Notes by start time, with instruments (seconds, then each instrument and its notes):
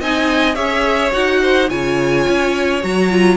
0.00 cello C4, viola D#4, violin D#5 G#5
0.54 cello C#4, viola G#4, violin C#5 E5
1.11 cello D#4, viola F#4, violin F#5
1.42 violin C5
1.69 cello C#3, viola F4, violin C#5 G#5
2.28 cello C#4
2.83 cello F#3, viola F#4, violin A#5
3.10 viola F4